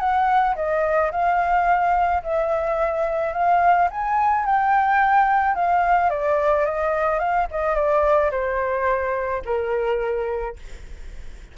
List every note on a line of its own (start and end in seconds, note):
0.00 0.56 F#5
0.56 1.11 D#5
1.12 2.23 F5
2.23 3.33 E5
3.33 3.89 F5
3.91 4.46 G#5
4.46 5.55 G5
5.55 6.10 F5
6.10 6.66 D5
6.66 7.19 D#5
7.19 7.47 F5
7.52 7.75 D#5
7.75 8.31 D5
8.32 9.43 C5
9.45 10.57 A#4